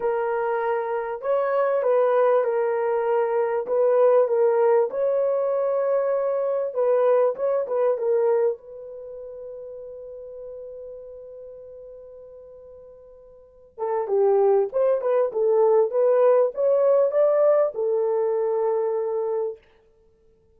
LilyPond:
\new Staff \with { instrumentName = "horn" } { \time 4/4 \tempo 4 = 98 ais'2 cis''4 b'4 | ais'2 b'4 ais'4 | cis''2. b'4 | cis''8 b'8 ais'4 b'2~ |
b'1~ | b'2~ b'8 a'8 g'4 | c''8 b'8 a'4 b'4 cis''4 | d''4 a'2. | }